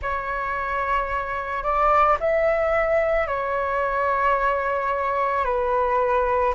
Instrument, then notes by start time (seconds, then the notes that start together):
flute
0.01 C#5
1.63 D5
2.20 E5
3.27 C#5
5.44 B4